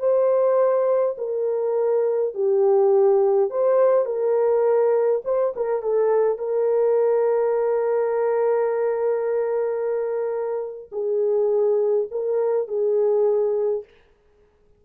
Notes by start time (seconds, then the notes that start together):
0.00 C5
1.18 A#4
2.35 G4
3.51 C5
4.06 A#4
5.25 C5
5.57 A#4
5.83 A4
6.39 A#4
10.92 G#4
12.11 A#4
12.68 G#4